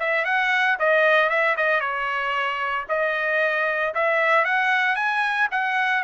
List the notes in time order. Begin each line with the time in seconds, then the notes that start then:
0.00 E5
0.25 F#5
0.79 D#5
1.30 E5
1.57 D#5
1.81 C#5
2.89 D#5
3.95 E5
4.45 F#5
4.96 G#5
5.51 F#5